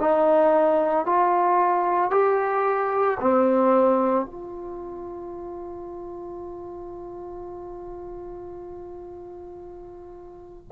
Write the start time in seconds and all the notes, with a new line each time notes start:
0.00 D#4
1.06 F4
2.11 G4
3.20 C4
4.26 F4